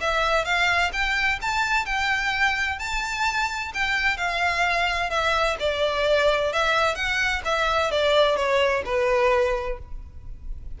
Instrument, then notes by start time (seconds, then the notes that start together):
violin
0.00 E5
0.44 F5
0.92 G5
1.41 A5
1.85 G5
2.78 A5
3.74 G5
4.17 F5
5.10 E5
5.59 D5
6.52 E5
6.95 F#5
7.44 E5
7.91 D5
8.36 C#5
8.85 B4